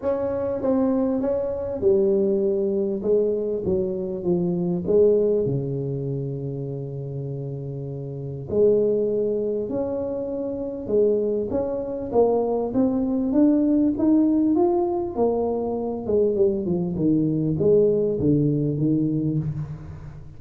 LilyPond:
\new Staff \with { instrumentName = "tuba" } { \time 4/4 \tempo 4 = 99 cis'4 c'4 cis'4 g4~ | g4 gis4 fis4 f4 | gis4 cis2.~ | cis2 gis2 |
cis'2 gis4 cis'4 | ais4 c'4 d'4 dis'4 | f'4 ais4. gis8 g8 f8 | dis4 gis4 d4 dis4 | }